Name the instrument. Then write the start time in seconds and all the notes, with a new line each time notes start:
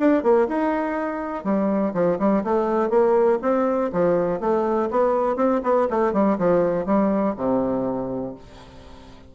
bassoon
0.00 D4
0.23 A#3
0.49 D#4
1.45 G3
1.94 F3
2.19 G3
2.44 A3
2.90 A#3
3.42 C4
3.93 F3
4.41 A3
4.91 B3
5.37 C4
5.64 B3
5.90 A3
6.13 G3
6.39 F3
6.86 G3
7.37 C3